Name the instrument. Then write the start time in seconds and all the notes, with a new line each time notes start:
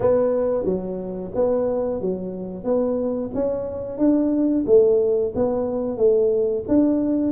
tuba
0.00 B3
0.64 F#3
1.34 B3
2.01 F#3
2.63 B3
3.34 C#4
3.98 D4
4.66 A3
5.35 B3
5.97 A3
6.68 D4